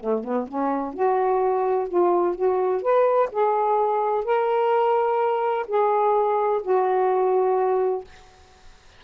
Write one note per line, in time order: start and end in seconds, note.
0.00 0.24 A3
0.24 0.47 B3
0.48 0.94 C#4
0.94 1.88 F#4
1.88 2.35 F4
2.35 2.82 F#4
2.82 3.29 B4
3.32 4.24 G#4
4.24 5.66 A#4
5.67 6.62 G#4
6.62 8.04 F#4